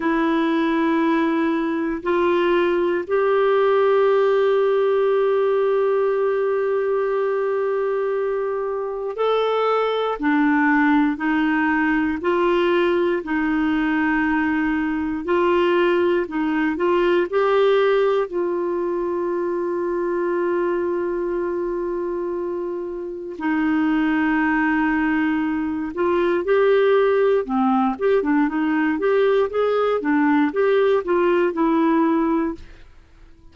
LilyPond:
\new Staff \with { instrumentName = "clarinet" } { \time 4/4 \tempo 4 = 59 e'2 f'4 g'4~ | g'1~ | g'4 a'4 d'4 dis'4 | f'4 dis'2 f'4 |
dis'8 f'8 g'4 f'2~ | f'2. dis'4~ | dis'4. f'8 g'4 c'8 g'16 d'16 | dis'8 g'8 gis'8 d'8 g'8 f'8 e'4 | }